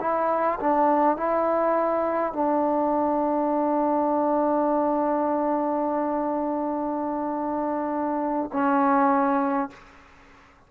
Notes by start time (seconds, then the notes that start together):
0.00 E4
0.60 D4
1.17 E4
2.33 D4
8.52 C#4